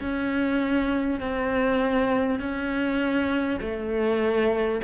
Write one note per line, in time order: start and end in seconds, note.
0.00 1.20 C#4
1.20 2.39 C4
2.39 3.59 C#4
3.60 4.80 A3